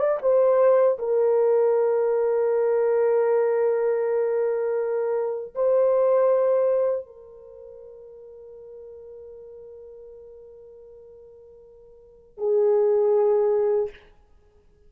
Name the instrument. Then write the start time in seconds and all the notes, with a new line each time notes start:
horn
0.00 D5
0.22 C5
0.99 A#4
5.55 C5
7.07 A#4
12.38 G#4